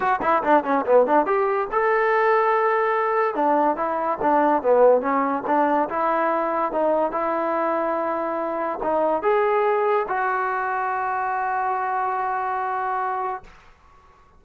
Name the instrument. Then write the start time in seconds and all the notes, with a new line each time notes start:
trombone
0.00 F#4
0.22 E4
0.43 D4
0.64 C#4
0.85 B3
1.06 D4
1.26 G4
1.71 A4
3.34 D4
3.76 E4
4.21 D4
4.62 B3
5.01 C#4
5.46 D4
5.89 E4
6.71 D#4
7.11 E4
8.82 D#4
9.22 G#4
10.08 F#4